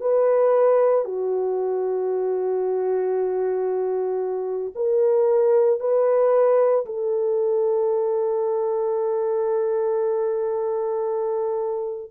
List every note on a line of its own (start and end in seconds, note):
0.00 1.04 B4
1.04 4.73 F#4
4.75 5.79 A#4
5.79 6.85 B4
6.85 12.11 A4